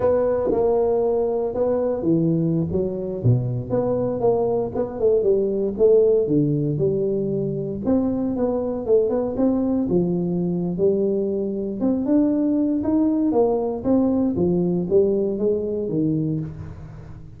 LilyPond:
\new Staff \with { instrumentName = "tuba" } { \time 4/4 \tempo 4 = 117 b4 ais2 b4 | e4~ e16 fis4 b,4 b8.~ | b16 ais4 b8 a8 g4 a8.~ | a16 d4 g2 c'8.~ |
c'16 b4 a8 b8 c'4 f8.~ | f4 g2 c'8 d'8~ | d'4 dis'4 ais4 c'4 | f4 g4 gis4 dis4 | }